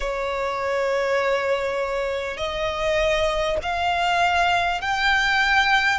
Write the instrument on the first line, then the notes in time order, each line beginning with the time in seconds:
violin
0.00 C#5
2.37 D#5
3.62 F5
4.81 G5